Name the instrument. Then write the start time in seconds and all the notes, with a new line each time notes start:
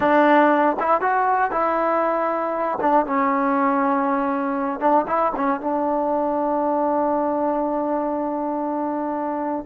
trombone
0.00 D4
0.79 E4
1.01 F#4
1.51 E4
2.80 D4
3.06 C#4
4.80 D4
5.07 E4
5.36 C#4
5.60 D4